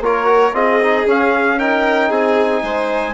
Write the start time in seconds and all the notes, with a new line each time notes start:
0.00 A#3 F4 A#4 C#5
0.25 F#4
0.53 C4 F4 G#4 D#5
0.83 D#4
1.06 C#4 F5
1.58 D#4 A#4 G5
2.08 C4 G#4 G#5
2.63 G#3 C5